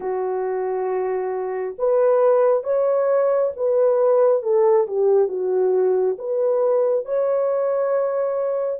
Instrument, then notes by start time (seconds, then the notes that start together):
horn
0.00 F#4
1.78 B4
2.63 C#5
3.56 B4
4.42 A4
4.87 G4
5.28 F#4
6.18 B4
7.05 C#5